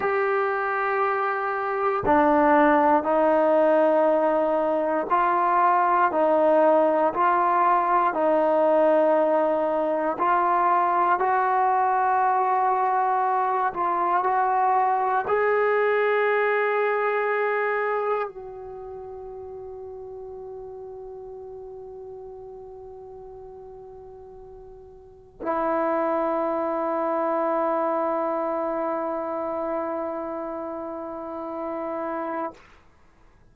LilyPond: \new Staff \with { instrumentName = "trombone" } { \time 4/4 \tempo 4 = 59 g'2 d'4 dis'4~ | dis'4 f'4 dis'4 f'4 | dis'2 f'4 fis'4~ | fis'4. f'8 fis'4 gis'4~ |
gis'2 fis'2~ | fis'1~ | fis'4 e'2.~ | e'1 | }